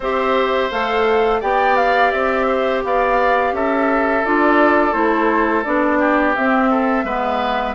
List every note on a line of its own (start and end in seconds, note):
0.00 0.69 C4
0.00 0.70 G4
0.00 1.40 C5
0.00 0.71 E5
0.70 1.42 A3
0.70 1.41 A4
0.70 1.41 F5
1.40 2.12 B3
1.40 4.24 G4
1.40 2.46 D5
1.40 1.76 G5
1.76 2.11 F5
2.11 2.83 C4
2.11 2.81 E5
2.47 2.82 C5
2.84 3.52 B3
2.84 3.55 D5
2.84 3.55 F5
3.52 4.22 C#4
3.52 5.99 A4
3.52 4.25 E5
4.25 4.93 D4
4.25 4.92 F4
4.25 4.92 D5
4.92 5.64 A3
4.92 5.62 E4
4.92 5.63 C5
5.63 6.36 B3
5.63 6.35 D4
5.63 6.34 D5
5.99 6.70 G4
6.35 7.05 C4
6.35 7.04 C4
6.35 7.75 E5
6.70 7.05 A4
7.04 7.74 G#3
7.04 7.75 B3
7.04 7.75 B4